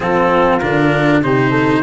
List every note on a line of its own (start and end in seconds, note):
0.00 0.61 F3
0.00 0.61 C4
0.00 1.24 F4
0.00 0.59 A4
0.59 1.23 D3
0.59 1.23 D4
0.59 1.20 A#4
1.23 1.83 C3
1.23 1.83 D#4
1.23 1.50 G4
1.23 1.83 C5
1.50 1.81 A4